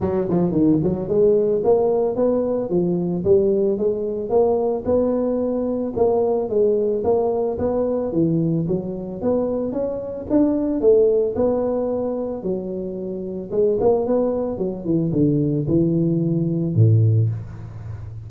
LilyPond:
\new Staff \with { instrumentName = "tuba" } { \time 4/4 \tempo 4 = 111 fis8 f8 dis8 fis8 gis4 ais4 | b4 f4 g4 gis4 | ais4 b2 ais4 | gis4 ais4 b4 e4 |
fis4 b4 cis'4 d'4 | a4 b2 fis4~ | fis4 gis8 ais8 b4 fis8 e8 | d4 e2 a,4 | }